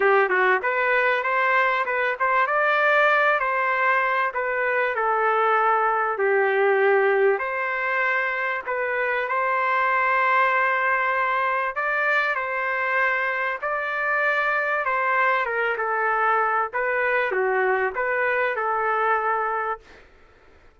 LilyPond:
\new Staff \with { instrumentName = "trumpet" } { \time 4/4 \tempo 4 = 97 g'8 fis'8 b'4 c''4 b'8 c''8 | d''4. c''4. b'4 | a'2 g'2 | c''2 b'4 c''4~ |
c''2. d''4 | c''2 d''2 | c''4 ais'8 a'4. b'4 | fis'4 b'4 a'2 | }